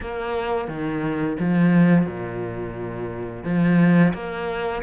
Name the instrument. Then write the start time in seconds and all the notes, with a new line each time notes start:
cello
0.01 A#3
0.67 D#3
1.39 F3
2.06 A#2
3.44 F3
4.13 A#3